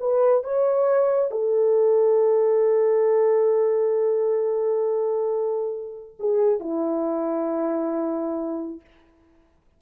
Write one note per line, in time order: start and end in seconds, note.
0.00 0.44 B4
0.44 1.32 C#5
1.32 6.17 A4
6.20 6.60 G#4
6.60 8.81 E4